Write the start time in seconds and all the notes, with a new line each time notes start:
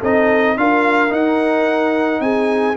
0.00 C4 D#4 A4 D#5
0.57 D4 F4 A#4 F5
1.09 D#4 F#5
2.20 C4 G#4 G#5